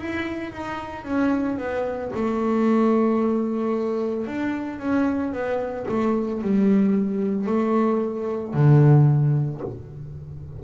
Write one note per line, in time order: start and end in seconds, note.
0.00 0.53 E4
0.53 1.05 D#4
1.05 1.58 C#4
1.58 2.12 B3
2.15 4.27 A3
4.27 4.79 D4
4.79 5.33 C#4
5.33 5.87 B3
5.88 6.42 A3
6.42 7.47 G3
7.47 8.54 A3
8.54 9.61 D3